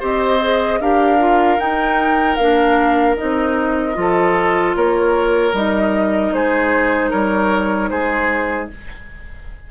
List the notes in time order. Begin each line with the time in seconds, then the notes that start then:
0.00 C4 G4 C5 D#5
0.41 G#4
0.80 D4 G4 A#4 F5
1.19 F4
1.58 D#4 G5
2.36 A#3 D4 F5
3.17 C4 D#4 D#5
3.94 F3 F4
4.00 A4
4.75 A#3 A#4 C#5
5.53 G3 D#4 D#5
6.33 G#3 G#4 C5
7.10 G3 A#4 C#5
7.89 G#3 G#4 C5